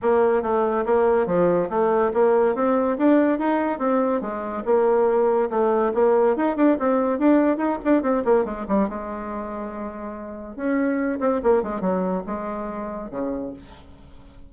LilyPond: \new Staff \with { instrumentName = "bassoon" } { \time 4/4 \tempo 4 = 142 ais4 a4 ais4 f4 | a4 ais4 c'4 d'4 | dis'4 c'4 gis4 ais4~ | ais4 a4 ais4 dis'8 d'8 |
c'4 d'4 dis'8 d'8 c'8 ais8 | gis8 g8 gis2.~ | gis4 cis'4. c'8 ais8 gis8 | fis4 gis2 cis4 | }